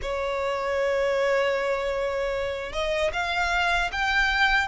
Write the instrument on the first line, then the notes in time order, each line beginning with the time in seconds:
violin
0.01 C#5
2.72 D#5
3.12 F5
3.92 G5